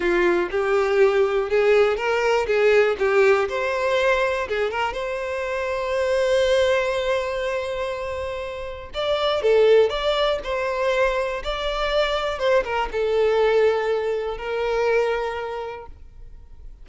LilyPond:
\new Staff \with { instrumentName = "violin" } { \time 4/4 \tempo 4 = 121 f'4 g'2 gis'4 | ais'4 gis'4 g'4 c''4~ | c''4 gis'8 ais'8 c''2~ | c''1~ |
c''2 d''4 a'4 | d''4 c''2 d''4~ | d''4 c''8 ais'8 a'2~ | a'4 ais'2. | }